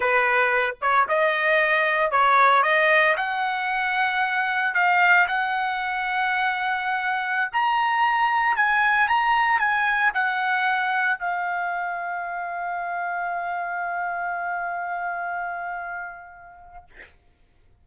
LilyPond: \new Staff \with { instrumentName = "trumpet" } { \time 4/4 \tempo 4 = 114 b'4. cis''8 dis''2 | cis''4 dis''4 fis''2~ | fis''4 f''4 fis''2~ | fis''2~ fis''16 ais''4.~ ais''16~ |
ais''16 gis''4 ais''4 gis''4 fis''8.~ | fis''4~ fis''16 f''2~ f''8.~ | f''1~ | f''1 | }